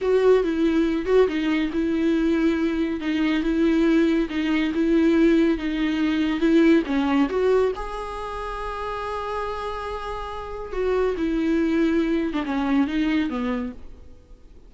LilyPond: \new Staff \with { instrumentName = "viola" } { \time 4/4 \tempo 4 = 140 fis'4 e'4. fis'8 dis'4 | e'2. dis'4 | e'2 dis'4 e'4~ | e'4 dis'2 e'4 |
cis'4 fis'4 gis'2~ | gis'1~ | gis'4 fis'4 e'2~ | e'8. d'16 cis'4 dis'4 b4 | }